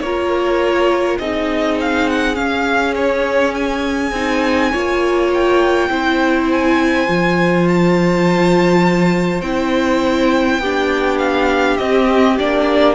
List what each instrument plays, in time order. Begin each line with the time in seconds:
0.00 cello A#3, viola F4, violin A#4 C#5
1.18 cello C4, viola D#4, violin G#4 D#5
1.80 violin F5
2.09 violin F#5
2.34 viola C#4, cello C#4, violin F5
2.95 violin C#5
3.54 violin G#5
4.12 cello C4, viola D#4
4.71 cello A#3, viola F4, violin C#5
5.34 violin G5
5.88 cello C4, viola E4, violin C5
6.51 violin G#5
7.07 cello F3, viola F4
7.68 violin A5
9.41 cello C4, viola E4, violin G5
10.58 cello B3, viola D4, violin G4
11.18 violin F5
11.77 viola C4, cello C4, violin D#5
12.38 cello A#3, viola D4, violin D5